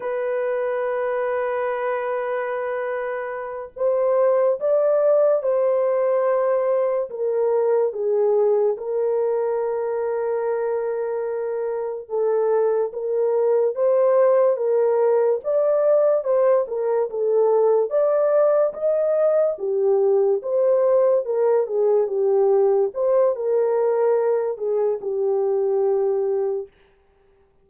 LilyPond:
\new Staff \with { instrumentName = "horn" } { \time 4/4 \tempo 4 = 72 b'1~ | b'8 c''4 d''4 c''4.~ | c''8 ais'4 gis'4 ais'4.~ | ais'2~ ais'8 a'4 ais'8~ |
ais'8 c''4 ais'4 d''4 c''8 | ais'8 a'4 d''4 dis''4 g'8~ | g'8 c''4 ais'8 gis'8 g'4 c''8 | ais'4. gis'8 g'2 | }